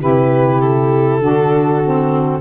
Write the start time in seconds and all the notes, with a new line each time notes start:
0.00 C3 E4 G4 B4
0.61 A4
1.20 D3 D4 F#4
1.85 C4